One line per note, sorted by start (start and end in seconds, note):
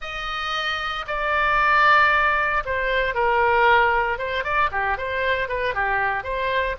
0.01 1.05 D#5
1.07 2.63 D5
2.65 3.14 C5
3.14 4.18 A#4
4.18 4.44 C5
4.44 4.70 D5
4.71 4.97 G4
4.97 5.48 C5
5.48 5.74 B4
5.74 6.23 G4
6.23 6.76 C5